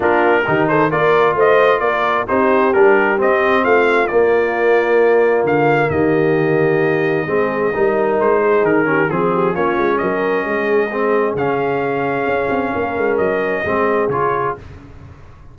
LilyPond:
<<
  \new Staff \with { instrumentName = "trumpet" } { \time 4/4 \tempo 4 = 132 ais'4. c''8 d''4 dis''4 | d''4 c''4 ais'4 dis''4 | f''4 d''2. | f''4 dis''2.~ |
dis''2 c''4 ais'4 | gis'4 cis''4 dis''2~ | dis''4 f''2.~ | f''4 dis''2 cis''4 | }
  \new Staff \with { instrumentName = "horn" } { \time 4/4 f'4 g'8 a'8 ais'4 c''4 | ais'4 g'2. | f'1~ | f'4 g'2. |
gis'4 ais'4. gis'4 g'8 | gis'8 g'8 f'4 ais'4 gis'4~ | gis'1 | ais'2 gis'2 | }
  \new Staff \with { instrumentName = "trombone" } { \time 4/4 d'4 dis'4 f'2~ | f'4 dis'4 d'4 c'4~ | c'4 ais2.~ | ais1 |
c'4 dis'2~ dis'8 cis'8 | c'4 cis'2. | c'4 cis'2.~ | cis'2 c'4 f'4 | }
  \new Staff \with { instrumentName = "tuba" } { \time 4/4 ais4 dis4 ais4 a4 | ais4 c'4 g4 c'4 | a4 ais2. | d4 dis2. |
gis4 g4 gis4 dis4 | f4 ais8 gis8 fis4 gis4~ | gis4 cis2 cis'8 c'8 | ais8 gis8 fis4 gis4 cis4 | }
>>